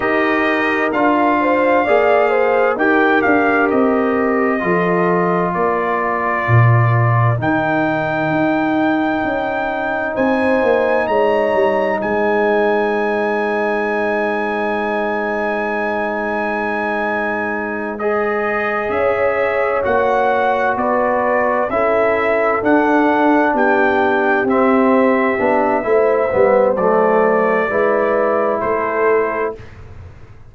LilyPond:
<<
  \new Staff \with { instrumentName = "trumpet" } { \time 4/4 \tempo 4 = 65 dis''4 f''2 g''8 f''8 | dis''2 d''2 | g''2. gis''4 | ais''4 gis''2.~ |
gis''2.~ gis''8 dis''8~ | dis''8 e''4 fis''4 d''4 e''8~ | e''8 fis''4 g''4 e''4.~ | e''4 d''2 c''4 | }
  \new Staff \with { instrumentName = "horn" } { \time 4/4 ais'4. c''8 d''8 c''8 ais'4~ | ais'4 a'4 ais'2~ | ais'2. c''4 | cis''4 c''2.~ |
c''1~ | c''8 cis''2 b'4 a'8~ | a'4. g'2~ g'8 | c''2 b'4 a'4 | }
  \new Staff \with { instrumentName = "trombone" } { \time 4/4 g'4 f'4 gis'4 g'4~ | g'4 f'2. | dis'1~ | dis'1~ |
dis'2.~ dis'8 gis'8~ | gis'4. fis'2 e'8~ | e'8 d'2 c'4 d'8 | e'8 b8 a4 e'2 | }
  \new Staff \with { instrumentName = "tuba" } { \time 4/4 dis'4 d'4 ais4 dis'8 d'8 | c'4 f4 ais4 ais,4 | dis4 dis'4 cis'4 c'8 ais8 | gis8 g8 gis2.~ |
gis1~ | gis8 cis'4 ais4 b4 cis'8~ | cis'8 d'4 b4 c'4 b8 | a8 g8 fis4 gis4 a4 | }
>>